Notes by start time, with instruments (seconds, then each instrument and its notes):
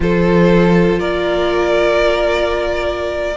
0.00 cello F3, viola F4, violin A4 C5
0.98 cello A#3, violin A#4 D5